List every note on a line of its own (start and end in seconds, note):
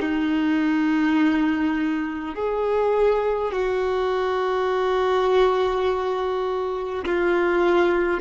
0.00 2.35 D#4
2.35 3.52 G#4
3.52 7.05 F#4
7.05 8.20 F4